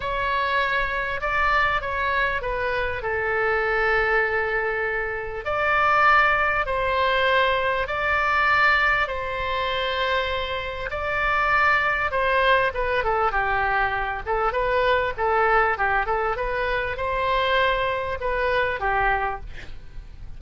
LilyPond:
\new Staff \with { instrumentName = "oboe" } { \time 4/4 \tempo 4 = 99 cis''2 d''4 cis''4 | b'4 a'2.~ | a'4 d''2 c''4~ | c''4 d''2 c''4~ |
c''2 d''2 | c''4 b'8 a'8 g'4. a'8 | b'4 a'4 g'8 a'8 b'4 | c''2 b'4 g'4 | }